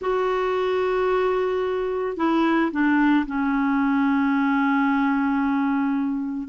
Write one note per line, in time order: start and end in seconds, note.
0.01 2.16 F#4
2.16 2.71 E4
2.71 3.25 D4
3.26 6.48 C#4